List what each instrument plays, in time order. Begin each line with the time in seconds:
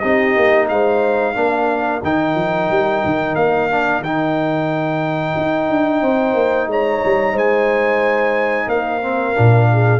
0.00 tuba C4, trombone D#4, horn G4, trumpet D#5
0.37 tuba A#3
0.69 tuba G#3, horn C5, trumpet F5
1.35 tuba A#3, trombone D4, horn A#4
2.03 tuba D#3, trombone D#4, trumpet G5
2.35 tuba F3
2.70 tuba G3
3.05 tuba D#3
3.36 tuba A#3, trumpet F5
3.70 trombone D4
4.01 tuba D#3, trombone D#4, trumpet G5
5.37 tuba D#4
5.69 tuba D4
6.02 tuba C4, horn C5
6.34 tuba A#3
6.67 tuba G#3, horn C#5, trumpet A#5
7.05 tuba G3
7.33 tuba G#3, horn C5, trumpet G#5
8.68 tuba A#3, horn A#4, trumpet F5
9.02 trombone C4
9.34 tuba A#2, trombone D4
9.72 horn G#4